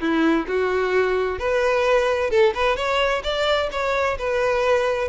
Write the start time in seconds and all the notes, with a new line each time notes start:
0.00 E4
0.47 F#4
1.39 B4
2.30 A4
2.54 B4
2.76 C#5
3.23 D5
3.71 C#5
4.18 B4